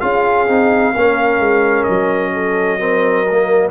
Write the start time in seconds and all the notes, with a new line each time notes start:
0.00 C#4 F4 G#4 F5
0.47 C4 D#4
0.94 A#3 C#4 A#4
1.39 G#3
1.83 F#3 D#5
2.33 A4
2.78 C4 A#4
3.30 A#3